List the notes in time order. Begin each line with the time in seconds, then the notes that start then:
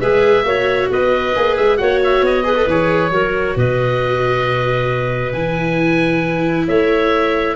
0.00 G#3 G#4 B4 E5
0.44 A#3 F#4 C#5
0.90 B3 B4 D#5
1.35 A#3 G#4
1.56 G#3 E5
1.77 A#3 F#4 C#5 F#5
2.04 E5
2.21 B3 D#5
2.44 G#4 B4
2.56 A4
2.66 E3 G#4 C#5
3.10 F#3 F#4 A#4
3.56 B2 B4 D#5
5.33 E3 E4 G#5
6.67 A3 C#5 E5